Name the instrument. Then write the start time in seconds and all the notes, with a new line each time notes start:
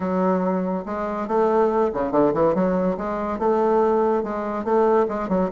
bassoon
0.00 F#3
0.85 G#3
1.27 A3
1.93 C#3
2.11 D3
2.33 E3
2.54 F#3
2.97 G#3
3.38 A3
4.23 G#3
4.64 A3
5.08 G#3
5.29 F#3